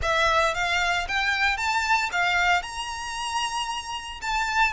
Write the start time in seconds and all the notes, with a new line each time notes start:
0.01 E5
0.54 F5
1.08 G5
1.57 A5
2.11 F5
2.62 A#5
4.21 A5